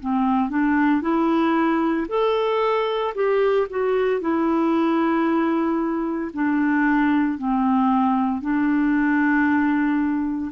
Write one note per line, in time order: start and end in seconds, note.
0.00 0.49 C4
0.49 1.01 D4
1.01 2.07 E4
2.09 3.14 A4
3.15 3.67 G4
3.70 4.21 F#4
4.21 6.31 E4
6.33 7.38 D4
7.38 8.41 C4
8.41 10.52 D4